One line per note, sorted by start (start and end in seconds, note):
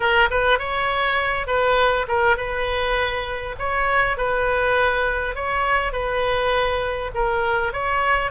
0.00 0.29 A#4
0.30 0.58 B4
0.58 1.46 C#5
1.46 2.06 B4
2.07 2.37 A#4
2.37 3.55 B4
3.58 4.17 C#5
4.17 5.35 B4
5.35 5.92 C#5
5.92 7.11 B4
7.14 7.73 A#4
7.73 8.31 C#5